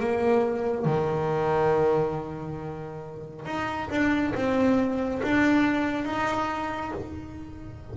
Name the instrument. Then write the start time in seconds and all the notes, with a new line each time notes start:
double bass
0.00 A#3
0.85 D#3
3.45 D#4
3.90 D4
4.34 C4
5.23 D4
6.05 D#4